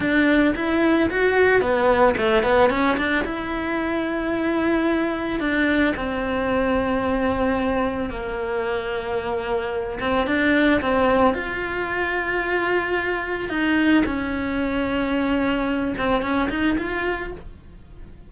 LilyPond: \new Staff \with { instrumentName = "cello" } { \time 4/4 \tempo 4 = 111 d'4 e'4 fis'4 b4 | a8 b8 cis'8 d'8 e'2~ | e'2 d'4 c'4~ | c'2. ais4~ |
ais2~ ais8 c'8 d'4 | c'4 f'2.~ | f'4 dis'4 cis'2~ | cis'4. c'8 cis'8 dis'8 f'4 | }